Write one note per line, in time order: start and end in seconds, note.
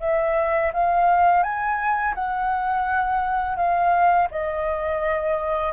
0.00 0.71 E5
0.73 1.43 F5
1.43 2.14 G#5
2.14 3.56 F#5
3.56 4.28 F5
4.31 5.73 D#5